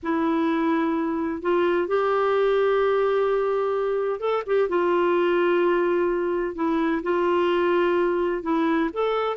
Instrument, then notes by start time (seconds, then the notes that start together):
clarinet
0.02 E4
1.42 F4
1.87 G4
4.20 A4
4.46 G4
4.68 F4
6.55 E4
7.02 F4
8.43 E4
8.93 A4